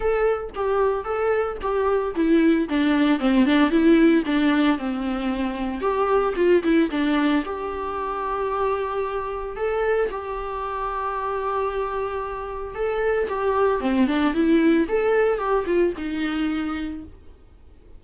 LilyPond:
\new Staff \with { instrumentName = "viola" } { \time 4/4 \tempo 4 = 113 a'4 g'4 a'4 g'4 | e'4 d'4 c'8 d'8 e'4 | d'4 c'2 g'4 | f'8 e'8 d'4 g'2~ |
g'2 a'4 g'4~ | g'1 | a'4 g'4 c'8 d'8 e'4 | a'4 g'8 f'8 dis'2 | }